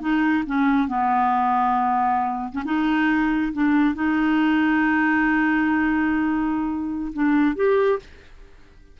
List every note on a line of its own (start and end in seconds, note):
0.00 0.44 D#4
0.46 0.87 C#4
0.87 2.52 B3
2.52 2.63 C#4
2.64 3.52 D#4
3.52 3.94 D4
3.94 7.12 D#4
7.13 7.55 D4
7.55 7.99 G4